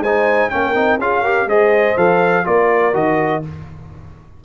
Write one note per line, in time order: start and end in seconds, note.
0.00 0.49 G#3
0.00 0.51 D#4
0.00 0.51 C5
0.00 0.50 G#5
0.50 0.75 A#3
0.50 0.75 C#4
0.50 1.01 A#4
0.50 0.99 G5
0.75 0.99 C4
0.75 1.00 D#4
0.99 1.46 C#4
0.99 1.24 F4
0.99 1.22 G#4
0.99 1.49 F5
1.22 1.49 G4
1.22 1.47 A#4
1.46 1.95 G#3
1.46 1.98 G#4
1.46 2.47 C5
1.46 1.98 D#5
1.97 2.46 F3
1.97 2.45 A4
1.97 2.46 F5
2.45 2.94 A#3
2.45 2.93 F4
2.45 3.45 A#4
2.45 2.95 D5
2.93 3.43 D#3
2.93 3.42 F#4
2.93 3.44 D#5